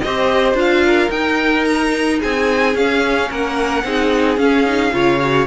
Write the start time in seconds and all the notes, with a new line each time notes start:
0.00 C4 G4 C5 D#5
0.54 D4 F4 F5
0.86 A#4
1.10 D#4 G5
1.65 A#5
2.20 C4 G#4 G#5
2.74 C#4 F5
3.30 A#3 A#4 F#5
3.84 C4 D#4 G#4
4.37 C#4 F5
4.66 D#4
4.92 C#3 F4 C#5
5.20 F#4